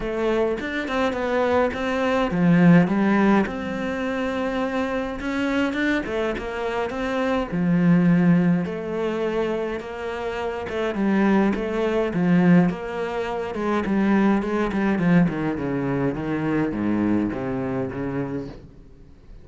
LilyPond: \new Staff \with { instrumentName = "cello" } { \time 4/4 \tempo 4 = 104 a4 d'8 c'8 b4 c'4 | f4 g4 c'2~ | c'4 cis'4 d'8 a8 ais4 | c'4 f2 a4~ |
a4 ais4. a8 g4 | a4 f4 ais4. gis8 | g4 gis8 g8 f8 dis8 cis4 | dis4 gis,4 c4 cis4 | }